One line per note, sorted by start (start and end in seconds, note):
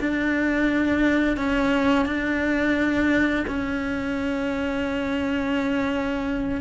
0.00 1.37 D4
1.37 2.06 C#4
2.06 3.45 D4
3.47 6.61 C#4